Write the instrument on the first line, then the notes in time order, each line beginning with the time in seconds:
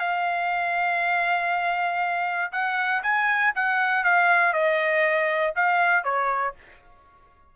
trumpet
0.00 F5
2.53 F#5
3.03 G#5
3.55 F#5
4.05 F5
4.54 D#5
5.56 F5
6.05 C#5